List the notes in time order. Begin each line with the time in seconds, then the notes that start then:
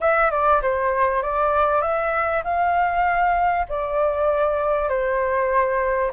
0.01 E5
0.30 D5
0.62 C5
1.22 D5
1.81 E5
2.44 F5
3.68 D5
4.88 C5